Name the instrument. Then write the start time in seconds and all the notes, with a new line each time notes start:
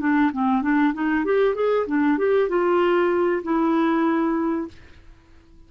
clarinet
0.00 D4
0.32 C4
0.62 D4
0.94 D#4
1.25 G4
1.55 G#4
1.87 D4
2.18 G4
2.49 F4
3.43 E4